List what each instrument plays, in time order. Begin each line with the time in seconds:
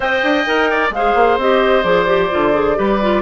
0.00 bassoon C4, clarinet C5, oboe D#5, flute G5
0.23 bassoon D4
0.46 bassoon D#4, clarinet A#4
0.70 oboe D5
0.90 bassoon G#3, clarinet G#4, oboe C5, flute F5
1.14 bassoon A#3
1.37 bassoon C4, clarinet G4, flute D#5
1.83 bassoon F3, clarinet G#4, flute D5
2.06 clarinet G4
2.30 bassoon D3, clarinet F4
2.53 clarinet G#4
2.76 bassoon G3, clarinet G4, oboe B4
3.01 clarinet F4